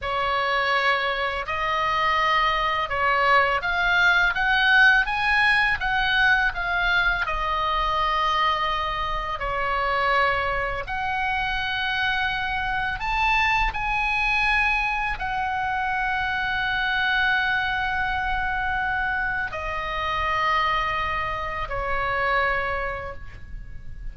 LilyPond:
\new Staff \with { instrumentName = "oboe" } { \time 4/4 \tempo 4 = 83 cis''2 dis''2 | cis''4 f''4 fis''4 gis''4 | fis''4 f''4 dis''2~ | dis''4 cis''2 fis''4~ |
fis''2 a''4 gis''4~ | gis''4 fis''2.~ | fis''2. dis''4~ | dis''2 cis''2 | }